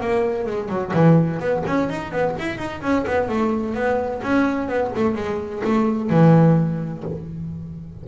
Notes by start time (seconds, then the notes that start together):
0.00 A#3
0.46 G#3
0.68 F#3
0.93 E3
1.39 B3
1.66 C#4
1.89 D#4
2.12 B3
2.39 E4
2.57 D#4
2.81 C#4
3.06 B3
3.28 A3
3.74 B3
4.22 C#4
4.68 B3
4.95 A3
5.15 G#3
5.63 A3
6.09 E3